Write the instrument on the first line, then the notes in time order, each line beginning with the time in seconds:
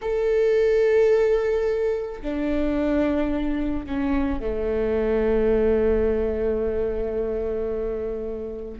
viola
0.01 A4
2.21 D4
3.86 C#4
4.40 A3